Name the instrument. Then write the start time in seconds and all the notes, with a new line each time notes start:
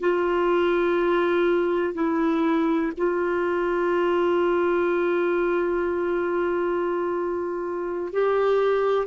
clarinet
0.00 F4
1.94 E4
2.97 F4
8.12 G4